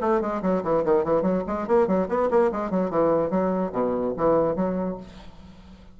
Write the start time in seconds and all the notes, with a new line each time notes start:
0.00 A3
0.21 G#3
0.42 F#3
0.63 E3
0.84 D#3
1.04 E3
1.22 F#3
1.47 G#3
1.67 A#3
1.87 F#3
2.08 B3
2.30 A#3
2.51 G#3
2.70 F#3
2.90 E3
3.30 F#3
3.72 B2
4.17 E3
4.55 F#3